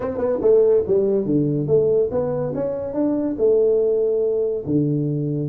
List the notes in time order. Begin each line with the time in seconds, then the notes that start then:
0.00 C4
0.17 B3
0.41 A3
0.87 G3
1.25 D3
1.67 A3
2.11 B3
2.54 C#4
2.93 D4
3.38 A3
4.65 D3